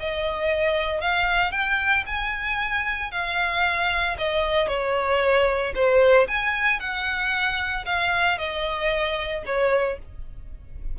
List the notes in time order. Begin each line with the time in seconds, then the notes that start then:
0.00 D#5
1.01 F5
1.52 G5
2.06 G#5
3.12 F5
4.18 D#5
4.68 C#5
5.75 C5
6.28 G#5
6.80 F#5
7.86 F5
8.39 D#5
9.46 C#5